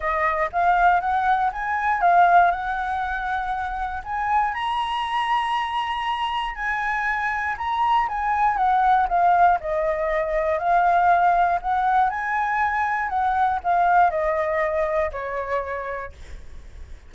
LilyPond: \new Staff \with { instrumentName = "flute" } { \time 4/4 \tempo 4 = 119 dis''4 f''4 fis''4 gis''4 | f''4 fis''2. | gis''4 ais''2.~ | ais''4 gis''2 ais''4 |
gis''4 fis''4 f''4 dis''4~ | dis''4 f''2 fis''4 | gis''2 fis''4 f''4 | dis''2 cis''2 | }